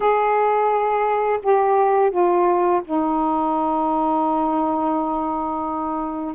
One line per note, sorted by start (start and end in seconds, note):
0.00 1.39 G#4
1.42 2.10 G4
2.10 2.81 F4
2.84 6.34 D#4